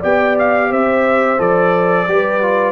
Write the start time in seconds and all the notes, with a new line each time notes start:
0.00 B3 G4 D5 G5
0.39 F5
0.71 C4 C5 E5
1.38 F3 A4 D5
2.08 G3 G4 B4
2.42 F4